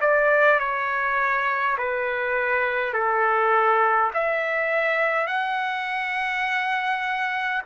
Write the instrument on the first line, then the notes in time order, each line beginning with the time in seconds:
trumpet
0.00 D5
0.59 C#5
1.78 B4
2.93 A4
4.13 E5
5.26 F#5